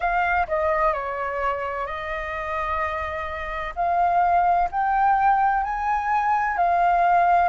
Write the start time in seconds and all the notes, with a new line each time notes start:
0.00 F5
0.47 D#5
0.93 C#5
1.86 D#5
3.75 F5
4.71 G5
5.63 G#5
6.57 F5